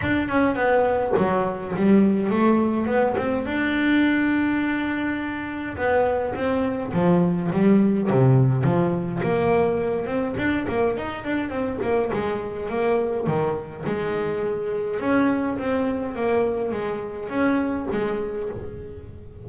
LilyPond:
\new Staff \with { instrumentName = "double bass" } { \time 4/4 \tempo 4 = 104 d'8 cis'8 b4 fis4 g4 | a4 b8 c'8 d'2~ | d'2 b4 c'4 | f4 g4 c4 f4 |
ais4. c'8 d'8 ais8 dis'8 d'8 | c'8 ais8 gis4 ais4 dis4 | gis2 cis'4 c'4 | ais4 gis4 cis'4 gis4 | }